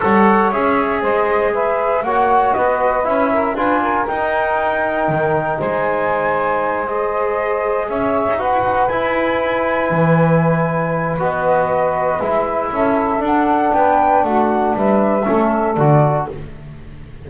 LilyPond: <<
  \new Staff \with { instrumentName = "flute" } { \time 4/4 \tempo 4 = 118 fis''4 e''4 dis''4 e''4 | fis''4 dis''4 e''4 gis''4 | g''2. gis''4~ | gis''4. dis''2 e''8~ |
e''8 fis''4 gis''2~ gis''8~ | gis''2 dis''2 | e''2 fis''4 g''4 | fis''4 e''2 d''4 | }
  \new Staff \with { instrumentName = "saxophone" } { \time 4/4 cis''2 c''4 b'4 | cis''4 b'4. ais'8 b'8 ais'8~ | ais'2. c''4~ | c''2.~ c''8 cis''8~ |
cis''8 b'2.~ b'8~ | b'1~ | b'4 a'2 b'4 | fis'4 b'4 a'2 | }
  \new Staff \with { instrumentName = "trombone" } { \time 4/4 a'4 gis'2. | fis'2 e'4 f'4 | dis'1~ | dis'4. gis'2~ gis'8~ |
gis'8 fis'4 e'2~ e'8~ | e'2 fis'2 | e'2 d'2~ | d'2 cis'4 fis'4 | }
  \new Staff \with { instrumentName = "double bass" } { \time 4/4 g4 cis'4 gis2 | ais4 b4 cis'4 d'4 | dis'2 dis4 gis4~ | gis2.~ gis8 cis'8~ |
cis'16 dis'8 e'16 dis'8 e'2 e8~ | e2 b2 | gis4 cis'4 d'4 b4 | a4 g4 a4 d4 | }
>>